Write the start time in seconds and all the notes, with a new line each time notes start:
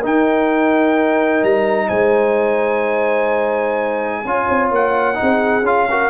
0.00 D#4 A#4
0.06 G5
1.44 G3 A#5
1.88 G#3 C5 G#5
4.25 C#4 F4 C#5
4.49 C4
4.72 A#3 F#5
5.15 D#4 G#4
5.22 C4
5.62 C#4 F4 F5
5.90 F#4 A#4